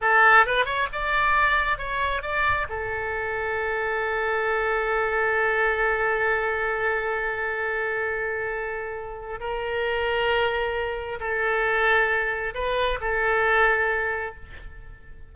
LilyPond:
\new Staff \with { instrumentName = "oboe" } { \time 4/4 \tempo 4 = 134 a'4 b'8 cis''8 d''2 | cis''4 d''4 a'2~ | a'1~ | a'1~ |
a'1~ | a'4 ais'2.~ | ais'4 a'2. | b'4 a'2. | }